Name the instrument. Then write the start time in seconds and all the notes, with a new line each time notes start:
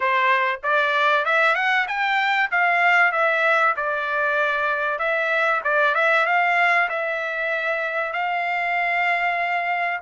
trumpet
0.00 C5
0.63 D5
1.25 E5
1.55 F#5
1.87 G5
2.51 F5
3.12 E5
3.76 D5
4.98 E5
5.64 D5
5.94 E5
6.26 F5
6.89 E5
8.12 F5